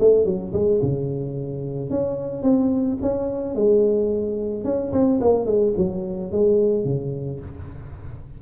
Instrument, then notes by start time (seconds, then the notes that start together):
tuba
0.00 A3
0.25 F#3
0.53 G#3
0.82 C#3
1.90 C#4
2.43 C4
3.02 C#4
3.55 G#3
4.64 C#4
4.92 C4
5.21 A#3
5.46 G#3
5.77 F#3
6.32 G#3
6.85 C#3